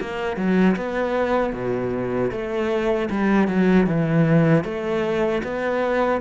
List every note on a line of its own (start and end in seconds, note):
0.00 0.37 A#3
0.37 0.76 F#3
0.76 1.53 B3
1.53 2.31 B2
2.31 3.09 A3
3.10 3.47 G3
3.47 3.86 F#3
3.86 4.64 E3
4.64 5.42 A3
5.43 6.21 B3